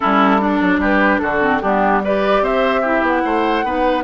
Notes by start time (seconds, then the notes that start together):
0.00 G3 C#4 E4 A4
0.39 D4
0.61 F#3
0.78 G3 G4 B4
1.18 D3 F#4 A4
1.41 C4
1.61 G3 B3 D4 G4
2.04 G4 B4 D5
2.41 C4 C5 E5
2.81 E4 G4
3.02 B3 F#5
3.24 A3 C5
3.63 B3 D#4 B4